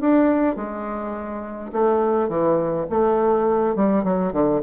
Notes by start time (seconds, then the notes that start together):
0.00 D4
0.56 G#3
1.72 A3
2.28 E3
2.90 A3
3.75 G3
4.04 F#3
4.32 D3